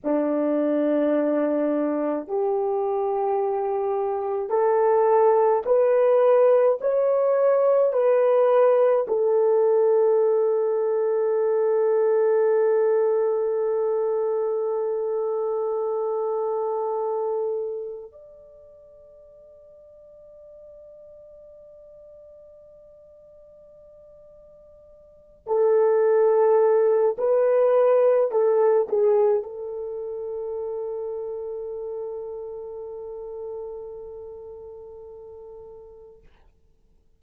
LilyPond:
\new Staff \with { instrumentName = "horn" } { \time 4/4 \tempo 4 = 53 d'2 g'2 | a'4 b'4 cis''4 b'4 | a'1~ | a'1 |
d''1~ | d''2~ d''8 a'4. | b'4 a'8 gis'8 a'2~ | a'1 | }